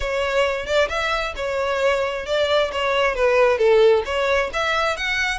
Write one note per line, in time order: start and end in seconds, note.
0.00 0.65 C#5
0.65 0.88 D5
0.89 1.34 E5
1.36 2.26 C#5
2.26 2.71 D5
2.72 3.15 C#5
3.15 3.58 B4
3.58 4.03 A4
4.05 4.50 C#5
4.53 4.96 E5
4.96 5.38 F#5